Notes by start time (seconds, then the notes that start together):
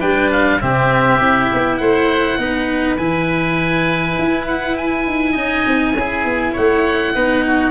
0.00 G3 D4 B4 G5
0.32 F5
0.61 C3 C4 G4 E5
1.20 C4 E4
1.54 B3
1.77 A3 C5 F#5
2.38 B3 D#4 B4
2.97 E3 E4 G#5
4.19 E4
4.48 F#5
4.77 G#5
5.07 D#4
5.32 C#4 D#4 D#5
5.67 C4
5.95 C#4 E4 G#4
6.25 B3
6.53 A3 C#5 F#5
7.14 B3 D#4 B4
7.47 F#4